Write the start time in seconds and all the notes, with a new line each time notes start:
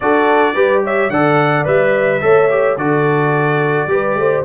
0.00 D4 F#4 A4 D5
0.54 G3 G4 B4
0.84 C#5 E5
1.09 D3 A4 D5 F#5
1.64 G3 B4 E5
2.21 A3 A4 C#5
2.49 G4
2.77 D3 F#4 A4 D5
3.86 G3 G4 B4
4.14 A3 C5